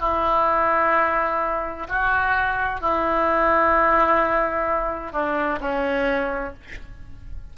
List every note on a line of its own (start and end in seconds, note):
0.00 1.87 E4
1.88 2.81 F#4
2.81 5.13 E4
5.13 5.60 D4
5.60 6.54 C#4